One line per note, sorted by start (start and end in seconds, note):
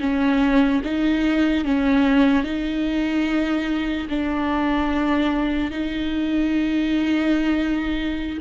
0.00 0.82 C#4
0.84 1.65 D#4
1.65 2.44 C#4
2.44 4.08 D#4
4.09 5.71 D4
5.71 8.38 D#4